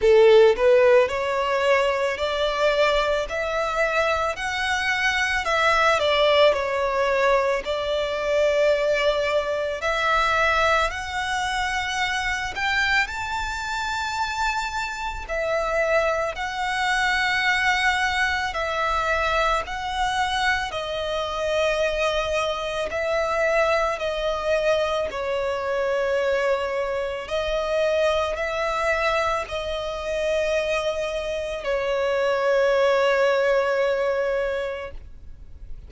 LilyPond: \new Staff \with { instrumentName = "violin" } { \time 4/4 \tempo 4 = 55 a'8 b'8 cis''4 d''4 e''4 | fis''4 e''8 d''8 cis''4 d''4~ | d''4 e''4 fis''4. g''8 | a''2 e''4 fis''4~ |
fis''4 e''4 fis''4 dis''4~ | dis''4 e''4 dis''4 cis''4~ | cis''4 dis''4 e''4 dis''4~ | dis''4 cis''2. | }